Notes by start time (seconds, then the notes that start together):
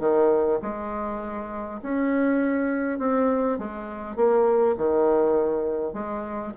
0.00 D#3
0.62 G#3
1.83 C#4
2.99 C4
3.59 G#3
4.16 A#3
4.78 D#3
5.94 G#3